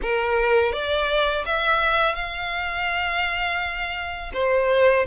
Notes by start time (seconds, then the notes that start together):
0.02 A#4
0.72 D5
1.45 E5
2.15 F5
4.33 C5